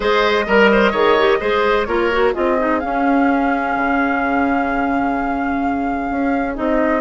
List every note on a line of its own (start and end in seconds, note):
0.00 0.47 G#3
0.00 0.44 G#4
0.00 0.45 C5
0.00 1.85 D#5
0.47 0.92 G3
0.47 0.70 A#4
0.47 0.94 A#4
0.72 0.91 C5
0.91 1.39 D#3
0.91 1.17 G#4
0.91 1.38 C#5
1.18 1.40 G4
1.40 1.86 G#3
1.40 1.87 G#4
1.40 1.87 C5
1.85 2.33 A#3
1.85 2.11 F4
1.85 2.33 A#4
1.85 2.32 C#5
2.11 2.34 F#4
2.33 2.83 C4
2.33 2.57 F4
2.33 7.00 G#4
2.33 2.79 D#5
2.58 2.80 D#4
2.79 6.54 C#4
2.79 3.75 C#4
2.79 6.54 F5
3.75 6.10 C#3
6.10 6.57 C#4
6.54 7.00 C4
6.54 7.00 D#4
6.54 7.00 D#5